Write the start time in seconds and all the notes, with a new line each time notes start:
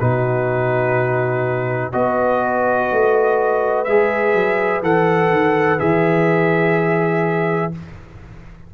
0.00 B2 D#4 F#4 B4
1.93 B3 F#4 B4 D#5
2.92 A3
3.85 G#3 G#4 E5
4.34 F#3
4.82 E3 A4 F#5
5.31 D#3
5.79 E3 G#4 E5